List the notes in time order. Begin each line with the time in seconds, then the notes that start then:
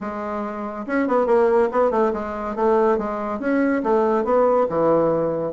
0.00 G#3
0.86 C#4
1.07 B3
1.26 A#3
1.71 B3
1.91 A3
2.13 G#3
2.55 A3
2.98 G#3
3.39 C#4
3.83 A3
4.24 B3
4.69 E3